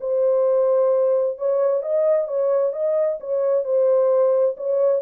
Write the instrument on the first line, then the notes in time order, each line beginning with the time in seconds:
horn
0.00 C5
1.37 C#5
1.82 D#5
2.27 C#5
2.72 D#5
3.20 C#5
3.64 C5
4.57 C#5